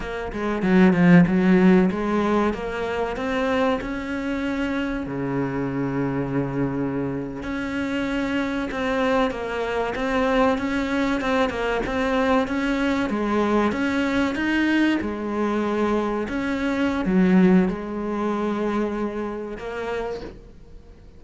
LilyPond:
\new Staff \with { instrumentName = "cello" } { \time 4/4 \tempo 4 = 95 ais8 gis8 fis8 f8 fis4 gis4 | ais4 c'4 cis'2 | cis2.~ cis8. cis'16~ | cis'4.~ cis'16 c'4 ais4 c'16~ |
c'8. cis'4 c'8 ais8 c'4 cis'16~ | cis'8. gis4 cis'4 dis'4 gis16~ | gis4.~ gis16 cis'4~ cis'16 fis4 | gis2. ais4 | }